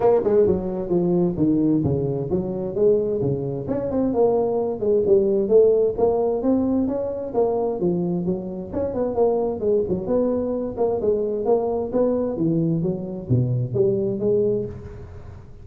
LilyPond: \new Staff \with { instrumentName = "tuba" } { \time 4/4 \tempo 4 = 131 ais8 gis8 fis4 f4 dis4 | cis4 fis4 gis4 cis4 | cis'8 c'8 ais4. gis8 g4 | a4 ais4 c'4 cis'4 |
ais4 f4 fis4 cis'8 b8 | ais4 gis8 fis8 b4. ais8 | gis4 ais4 b4 e4 | fis4 b,4 g4 gis4 | }